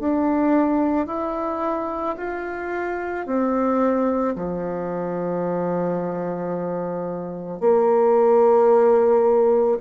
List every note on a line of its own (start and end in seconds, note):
0.00 1.07 D4
1.07 2.16 E4
2.17 3.26 F4
3.26 4.35 C4
4.36 7.61 F3
7.61 9.79 A#3